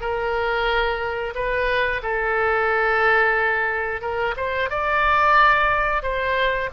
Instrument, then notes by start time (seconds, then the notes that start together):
oboe
0.00 A#4
1.35 B4
2.02 A4
4.01 A#4
4.36 C5
4.69 D5
6.02 C5